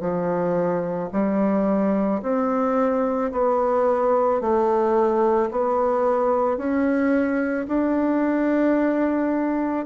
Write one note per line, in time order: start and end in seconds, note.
0.00 1.09 F3
1.13 2.22 G3
2.22 3.31 C4
3.32 4.41 B3
4.41 5.50 A3
5.51 6.57 B3
6.57 7.66 C#4
7.68 9.86 D4